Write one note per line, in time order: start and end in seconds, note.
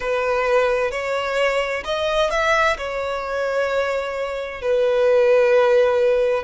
0.00 0.91 B4
0.91 1.83 C#5
1.84 2.30 D#5
2.30 2.77 E5
2.77 4.61 C#5
4.61 6.43 B4